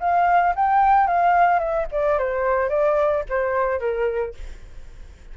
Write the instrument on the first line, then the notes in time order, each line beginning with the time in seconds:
flute
0.00 F5
0.55 G5
1.07 F5
1.59 E5
1.91 D5
2.19 C5
2.69 D5
3.29 C5
3.80 A#4